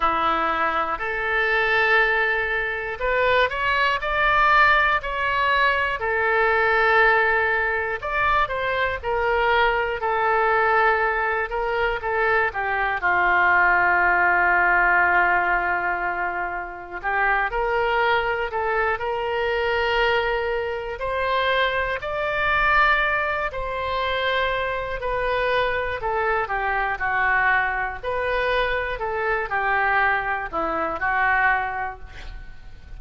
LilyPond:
\new Staff \with { instrumentName = "oboe" } { \time 4/4 \tempo 4 = 60 e'4 a'2 b'8 cis''8 | d''4 cis''4 a'2 | d''8 c''8 ais'4 a'4. ais'8 | a'8 g'8 f'2.~ |
f'4 g'8 ais'4 a'8 ais'4~ | ais'4 c''4 d''4. c''8~ | c''4 b'4 a'8 g'8 fis'4 | b'4 a'8 g'4 e'8 fis'4 | }